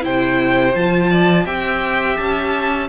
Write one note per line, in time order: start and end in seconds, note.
0.00 0.74 C3
0.00 0.71 E4
0.00 1.11 C5
0.00 0.75 G5
0.74 1.45 F3
0.74 1.45 F4
0.74 1.46 A5
1.11 1.45 D5
1.45 2.16 C4
1.45 2.88 G4
1.45 2.87 E5
1.45 2.17 G5
2.17 2.88 C#4
2.17 2.88 A5